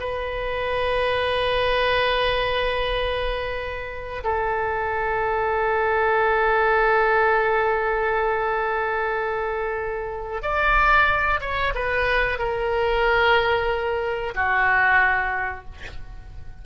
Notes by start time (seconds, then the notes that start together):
0.00 B4
4.24 A4
10.43 D5
11.41 C#5
11.75 B4
12.39 A#4
14.35 F#4